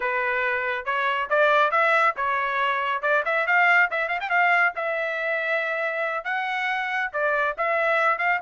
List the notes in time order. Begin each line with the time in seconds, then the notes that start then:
0.00 B4
0.85 C#5
1.29 D5
1.71 E5
2.16 C#5
3.01 D5
3.25 E5
3.46 F5
3.90 E5
4.08 F5
4.20 G5
4.29 F5
4.75 E5
6.24 F#5
7.12 D5
7.57 E5
8.18 F5